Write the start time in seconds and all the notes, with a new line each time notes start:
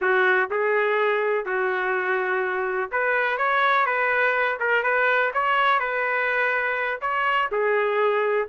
0.01 F#4
0.50 G#4
1.45 F#4
2.91 B4
3.37 C#5
3.86 B4
4.59 A#4
4.83 B4
5.33 C#5
5.79 B4
7.01 C#5
7.51 G#4